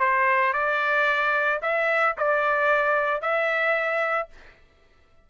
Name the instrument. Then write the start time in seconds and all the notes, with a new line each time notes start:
trumpet
0.00 C5
0.54 D5
1.62 E5
2.17 D5
3.22 E5